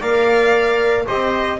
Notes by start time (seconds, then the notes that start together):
0.00 A#3 A#4 D5 F5
1.07 C4 G4 C5 D#5